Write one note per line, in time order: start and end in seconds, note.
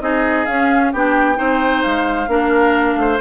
0.00 0.46 C4
0.00 0.46 D#4
0.00 0.93 G#4
0.00 0.46 D#5
0.46 0.93 C#4
0.46 0.94 C#4
0.46 0.92 F5
0.92 1.38 B3
0.92 1.35 D4
0.92 1.38 G4
0.92 1.83 G5
1.35 1.84 C4
1.35 2.27 D#4
1.35 2.29 C5
1.83 2.27 G#3
1.83 3.20 F5
2.27 2.96 A#3
2.27 3.20 D4
2.27 2.99 A#4
2.96 3.19 A3
2.96 3.20 C5